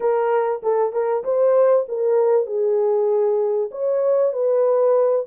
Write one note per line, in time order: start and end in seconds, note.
0.00 0.61 A#4
0.62 0.93 A4
0.93 1.23 A#4
1.24 1.86 C5
1.88 2.46 A#4
2.46 3.70 G#4
3.71 4.32 C#5
4.32 5.25 B4